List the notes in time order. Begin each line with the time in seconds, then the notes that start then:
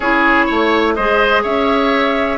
0.00 C#4 E4 G#4 C#5
0.45 A3 C#5
0.94 G#3 G#4 C5 D#5
1.43 C#4 C#5 E5